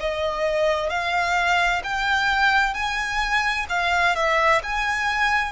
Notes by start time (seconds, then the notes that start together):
0.00 D#5
0.90 F5
1.84 G5
2.74 G#5
3.70 F5
4.16 E5
4.63 G#5